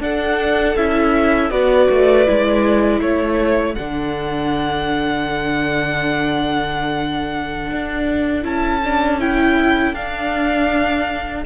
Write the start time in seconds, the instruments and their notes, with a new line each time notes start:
0.00 viola D4, cello D4, violin A4 F#5
0.77 cello C#4, viola E4, violin E5
1.50 cello B3, viola F#4, violin B4 D5
1.90 cello A3
2.26 cello G#3, viola E4
3.01 cello A3, violin A4 C#5
3.75 cello D3, viola D4, violin F#5
7.71 cello D4
8.42 cello C#4, viola E4, violin A5
8.84 viola D4
9.20 viola E4, violin G5
9.94 cello D4, viola D4, violin F5